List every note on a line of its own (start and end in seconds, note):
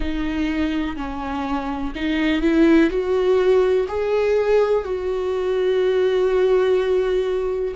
0.00 0.96 D#4
0.96 1.93 C#4
1.95 2.41 D#4
2.41 2.89 E4
2.90 3.87 F#4
3.88 4.84 G#4
4.84 7.74 F#4